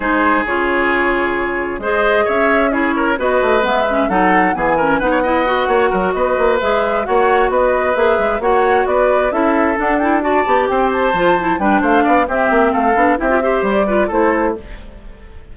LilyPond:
<<
  \new Staff \with { instrumentName = "flute" } { \time 4/4 \tempo 4 = 132 c''4 cis''2. | dis''4 e''4 cis''4 dis''4 | e''4 fis''4 gis''4 fis''4~ | fis''4. dis''4 e''4 fis''8~ |
fis''8 dis''4 e''4 fis''4 d''8~ | d''8 e''4 fis''8 g''8 a''4 g''8 | a''4. g''8 f''4 e''4 | f''4 e''4 d''4 c''4 | }
  \new Staff \with { instrumentName = "oboe" } { \time 4/4 gis'1 | c''4 cis''4 gis'8 ais'8 b'4~ | b'4 a'4 gis'8 ais'8 b'16 cis''16 dis''8~ | dis''8 cis''8 ais'8 b'2 cis''8~ |
cis''8 b'2 cis''4 b'8~ | b'8 a'2 d''4 c''8~ | c''4. b'8 c''8 d''8 g'4 | a'4 g'8 c''4 b'8 a'4 | }
  \new Staff \with { instrumentName = "clarinet" } { \time 4/4 dis'4 f'2. | gis'2 e'4 fis'4 | b8 cis'8 dis'4 b8 cis'8 dis'8 e'8 | fis'2~ fis'8 gis'4 fis'8~ |
fis'4. gis'4 fis'4.~ | fis'8 e'4 d'8 e'8 fis'8 g'4~ | g'8 f'8 e'8 d'4. c'4~ | c'8 d'8 e'16 f'16 g'4 f'8 e'4 | }
  \new Staff \with { instrumentName = "bassoon" } { \time 4/4 gis4 cis2. | gis4 cis'2 b8 a8 | gis4 fis4 e4 b4~ | b8 ais8 fis8 b8 ais8 gis4 ais8~ |
ais8 b4 ais8 gis8 ais4 b8~ | b8 cis'4 d'4. b8 c'8~ | c'8 f4 g8 a8 b8 c'8 ais8 | a8 b8 c'4 g4 a4 | }
>>